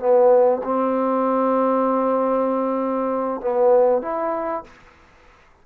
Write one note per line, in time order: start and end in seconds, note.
0.00 0.62 B3
0.64 3.42 C4
3.42 4.02 B3
4.02 4.64 E4